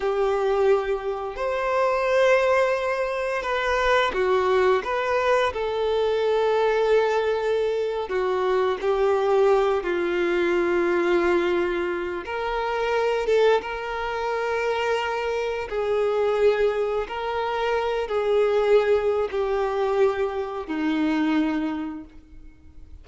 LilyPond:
\new Staff \with { instrumentName = "violin" } { \time 4/4 \tempo 4 = 87 g'2 c''2~ | c''4 b'4 fis'4 b'4 | a'2.~ a'8. fis'16~ | fis'8. g'4. f'4.~ f'16~ |
f'4.~ f'16 ais'4. a'8 ais'16~ | ais'2~ ais'8. gis'4~ gis'16~ | gis'8. ais'4. gis'4.~ gis'16 | g'2 dis'2 | }